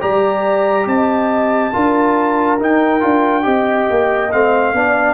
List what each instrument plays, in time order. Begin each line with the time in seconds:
0.00 tuba G3, trombone G4, horn D5, trumpet A#5
0.86 tuba C4, horn D#5, trumpet A5
1.73 tuba D4, trombone F4, horn A#4
2.59 trombone D#4, tuba D#4, trumpet G5
3.00 tuba D4, trombone F4
3.43 tuba C4, trombone G4, horn D#5
3.90 tuba A#3
4.32 tuba A3, trombone C4, trumpet F5
4.73 tuba B3, trombone D4, horn D5